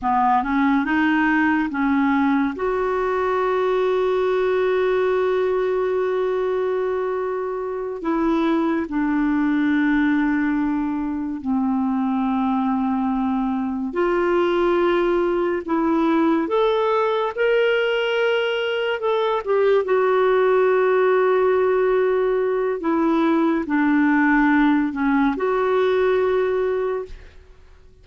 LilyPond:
\new Staff \with { instrumentName = "clarinet" } { \time 4/4 \tempo 4 = 71 b8 cis'8 dis'4 cis'4 fis'4~ | fis'1~ | fis'4. e'4 d'4.~ | d'4. c'2~ c'8~ |
c'8 f'2 e'4 a'8~ | a'8 ais'2 a'8 g'8 fis'8~ | fis'2. e'4 | d'4. cis'8 fis'2 | }